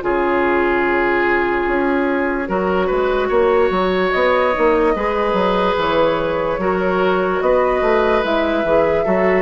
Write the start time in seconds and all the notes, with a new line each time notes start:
0.00 C#3 F4 G#4 C#5
1.66 C#4
2.48 F#3 F#4 A#4
2.86 G#3 B4
3.28 A#3 C#5
3.70 F#3
4.11 B3 D#5
4.52 A#3 D#4
4.95 G#3 G#4 B4
5.33 F#3
5.77 E3 C#5
6.58 F#3 F#4 A#4
7.41 B3 B4 D#5
7.81 A3
8.22 G#3 E4 E5
8.64 E3 G#4
9.04 F#3 F#4 A4